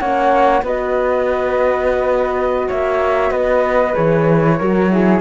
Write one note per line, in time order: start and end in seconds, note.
0.00 0.62 A#3
0.00 0.64 C#4
0.00 0.64 C#5
0.00 0.63 F#5
0.62 2.68 B3
0.62 3.94 F#4
0.62 2.68 B4
0.62 2.70 D#5
2.68 3.31 A#3
2.68 3.31 C#5
2.68 3.32 E5
3.31 3.94 B3
3.31 4.57 B4
3.31 3.95 D#5
3.94 4.61 E3
3.94 4.57 G#4
3.94 5.21 C#5
4.58 5.21 F#3
4.58 4.91 F#4
4.58 4.90 A#4
4.91 5.21 E4
4.91 5.21 G#4